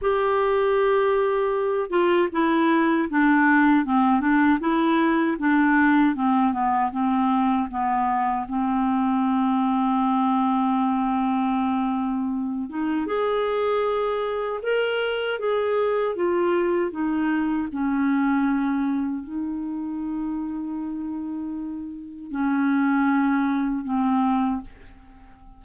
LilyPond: \new Staff \with { instrumentName = "clarinet" } { \time 4/4 \tempo 4 = 78 g'2~ g'8 f'8 e'4 | d'4 c'8 d'8 e'4 d'4 | c'8 b8 c'4 b4 c'4~ | c'1~ |
c'8 dis'8 gis'2 ais'4 | gis'4 f'4 dis'4 cis'4~ | cis'4 dis'2.~ | dis'4 cis'2 c'4 | }